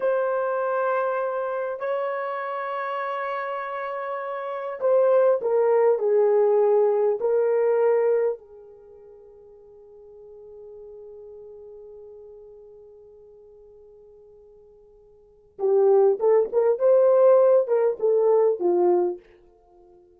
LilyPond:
\new Staff \with { instrumentName = "horn" } { \time 4/4 \tempo 4 = 100 c''2. cis''4~ | cis''1 | c''4 ais'4 gis'2 | ais'2 gis'2~ |
gis'1~ | gis'1~ | gis'2 g'4 a'8 ais'8 | c''4. ais'8 a'4 f'4 | }